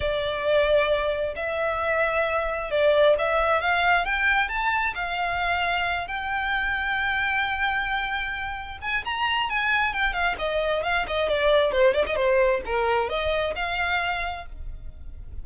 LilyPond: \new Staff \with { instrumentName = "violin" } { \time 4/4 \tempo 4 = 133 d''2. e''4~ | e''2 d''4 e''4 | f''4 g''4 a''4 f''4~ | f''4. g''2~ g''8~ |
g''2.~ g''8 gis''8 | ais''4 gis''4 g''8 f''8 dis''4 | f''8 dis''8 d''4 c''8 d''16 dis''16 c''4 | ais'4 dis''4 f''2 | }